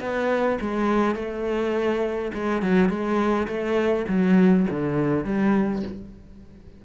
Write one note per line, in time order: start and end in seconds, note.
0.00 0.58 B3
0.61 1.15 G#3
1.15 2.32 A3
2.34 2.62 G#3
2.62 2.89 F#3
2.89 3.47 G#3
3.48 4.06 A3
4.08 4.67 F#3
4.70 5.25 D3
5.25 5.83 G3